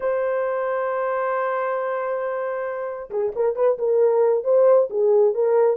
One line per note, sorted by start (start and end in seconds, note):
0.00 3.10 C5
3.10 3.32 G#4
3.35 3.55 A#4
3.55 3.78 B4
3.78 4.44 A#4
4.44 4.88 C5
4.89 5.34 G#4
5.34 5.76 A#4